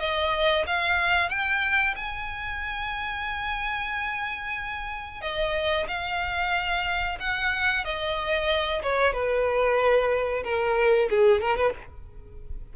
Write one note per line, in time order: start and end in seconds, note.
0.00 0.65 D#5
0.67 1.29 F5
1.29 1.95 G5
1.96 5.21 G#5
5.21 5.87 D#5
5.88 7.18 F5
7.20 7.85 F#5
7.85 8.83 D#5
8.83 9.13 C#5
9.13 10.44 B4
10.44 11.09 A#4
11.10 11.41 G#4
11.41 11.57 A#4
11.57 11.73 B4